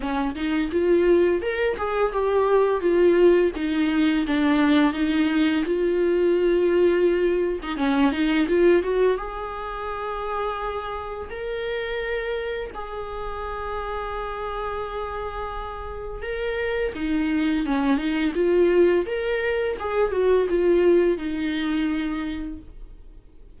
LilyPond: \new Staff \with { instrumentName = "viola" } { \time 4/4 \tempo 4 = 85 cis'8 dis'8 f'4 ais'8 gis'8 g'4 | f'4 dis'4 d'4 dis'4 | f'2~ f'8. dis'16 cis'8 dis'8 | f'8 fis'8 gis'2. |
ais'2 gis'2~ | gis'2. ais'4 | dis'4 cis'8 dis'8 f'4 ais'4 | gis'8 fis'8 f'4 dis'2 | }